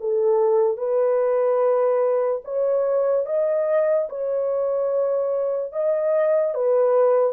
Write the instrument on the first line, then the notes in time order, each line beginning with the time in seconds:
horn
0.00 A4
0.77 B4
2.45 C#5
3.27 D#5
4.09 C#5
5.73 D#5
6.55 B4